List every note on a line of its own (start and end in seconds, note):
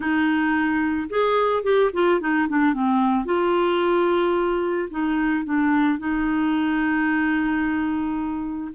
0.00 1.08 D#4
1.09 1.63 G#4
1.63 1.90 G4
1.93 2.20 F4
2.20 2.47 D#4
2.48 2.73 D4
2.73 3.25 C4
3.25 4.88 F4
4.90 5.44 D#4
5.44 5.99 D4
5.99 8.71 D#4